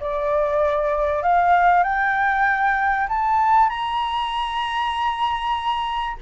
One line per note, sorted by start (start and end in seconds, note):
0.00 1.22 D5
1.22 1.84 F5
1.84 3.07 G5
3.09 3.69 A5
3.69 6.17 A#5